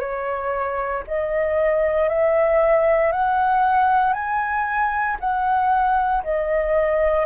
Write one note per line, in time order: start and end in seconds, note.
0.00 1.03 C#5
1.08 2.09 D#5
2.09 3.13 E5
3.13 4.14 F#5
4.14 5.17 G#5
5.20 6.24 F#5
6.24 7.26 D#5